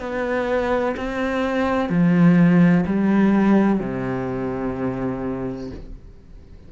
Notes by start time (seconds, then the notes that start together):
0.00 B3
0.97 C4
1.90 F3
2.86 G3
3.80 C3